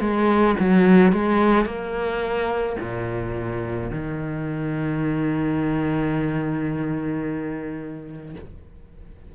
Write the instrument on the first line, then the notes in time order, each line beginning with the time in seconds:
cello
0.00 G#3
0.59 F#3
1.12 G#3
1.65 A#3
2.80 A#2
3.90 D#3